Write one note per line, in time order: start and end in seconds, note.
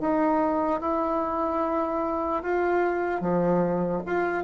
0.00 0.80 D#4
0.80 2.43 E4
2.43 3.21 F4
3.21 4.02 F3
4.06 4.43 F4